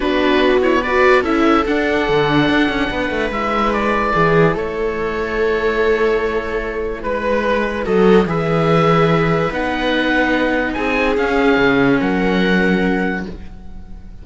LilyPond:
<<
  \new Staff \with { instrumentName = "oboe" } { \time 4/4 \tempo 4 = 145 b'4. cis''8 d''4 e''4 | fis''1 | e''4 d''2 cis''4~ | cis''1~ |
cis''4 b'2 dis''4 | e''2. fis''4~ | fis''2 gis''4 f''4~ | f''4 fis''2. | }
  \new Staff \with { instrumentName = "viola" } { \time 4/4 fis'2 b'4 a'4~ | a'2. b'4~ | b'2 gis'4 a'4~ | a'1~ |
a'4 b'2 a'4 | b'1~ | b'2 gis'2~ | gis'4 ais'2. | }
  \new Staff \with { instrumentName = "viola" } { \time 4/4 d'4. e'8 fis'4 e'4 | d'1 | e'1~ | e'1~ |
e'2. fis'4 | gis'2. dis'4~ | dis'2. cis'4~ | cis'1 | }
  \new Staff \with { instrumentName = "cello" } { \time 4/4 b2. cis'4 | d'4 d4 d'8 cis'8 b8 a8 | gis2 e4 a4~ | a1~ |
a4 gis2 fis4 | e2. b4~ | b2 c'4 cis'4 | cis4 fis2. | }
>>